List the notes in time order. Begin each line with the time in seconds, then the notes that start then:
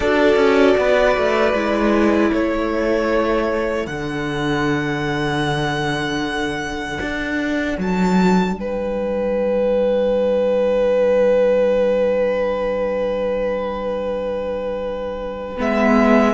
0.00 D4 F#4 A4 D5
0.36 C#4
0.77 B3 B4
1.17 A3
1.53 G#3 E4
2.31 A3 A4 C#5
3.86 D3 D4 F#5
7.00 D4
7.78 F#3 A5
8.53 G3 G5
8.60 B4
15.57 G#3 B3 E5